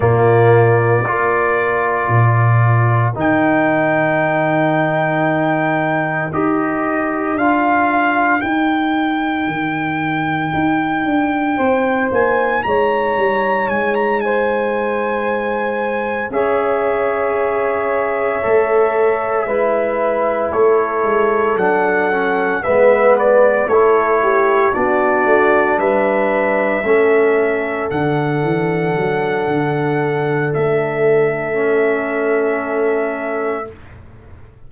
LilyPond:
<<
  \new Staff \with { instrumentName = "trumpet" } { \time 4/4 \tempo 4 = 57 d''2. g''4~ | g''2 dis''4 f''4 | g''2.~ g''8 gis''8 | ais''4 gis''16 ais''16 gis''2 e''8~ |
e''2.~ e''8 cis''8~ | cis''8 fis''4 e''8 d''8 cis''4 d''8~ | d''8 e''2 fis''4.~ | fis''4 e''2. | }
  \new Staff \with { instrumentName = "horn" } { \time 4/4 f'4 ais'2.~ | ais'1~ | ais'2. c''4 | cis''4. c''2 cis''8~ |
cis''2~ cis''8 b'4 a'8~ | a'4. b'4 a'8 g'8 fis'8~ | fis'8 b'4 a'2~ a'8~ | a'1 | }
  \new Staff \with { instrumentName = "trombone" } { \time 4/4 ais4 f'2 dis'4~ | dis'2 g'4 f'4 | dis'1~ | dis'2.~ dis'8 gis'8~ |
gis'4. a'4 e'4.~ | e'8 d'8 cis'8 b4 e'4 d'8~ | d'4. cis'4 d'4.~ | d'2 cis'2 | }
  \new Staff \with { instrumentName = "tuba" } { \time 4/4 ais,4 ais4 ais,4 dis4~ | dis2 dis'4 d'4 | dis'4 dis4 dis'8 d'8 c'8 ais8 | gis8 g8 gis2~ gis8 cis'8~ |
cis'4. a4 gis4 a8 | gis8 fis4 gis4 a4 b8 | a8 g4 a4 d8 e8 fis8 | d4 a2. | }
>>